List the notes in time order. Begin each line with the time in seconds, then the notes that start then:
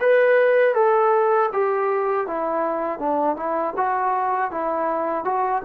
0.00 B4
0.74 A4
1.52 G4
2.27 E4
2.99 D4
3.36 E4
3.76 F#4
4.51 E4
5.24 F#4